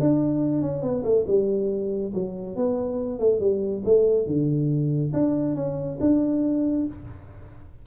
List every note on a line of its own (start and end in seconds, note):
0.00 0.62 D4
0.62 0.82 C#4
0.82 1.03 B3
1.04 1.25 A3
1.27 2.13 G3
2.14 2.56 F#3
2.56 3.19 B3
3.19 3.40 A3
3.40 3.83 G3
3.85 4.26 A3
4.26 5.12 D3
5.13 5.55 D4
5.55 5.98 C#4
6.00 6.86 D4